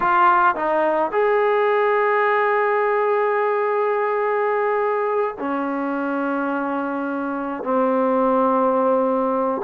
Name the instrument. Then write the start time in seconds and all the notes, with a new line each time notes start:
trombone
0.00 F4
0.55 D#4
1.11 G#4
5.38 C#4
7.63 C4